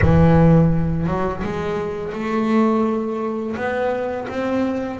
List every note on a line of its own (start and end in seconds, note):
0.01 1.06 E3
1.06 1.42 F#3
1.43 2.12 G#3
2.12 3.55 A3
3.56 4.27 B3
4.28 4.99 C4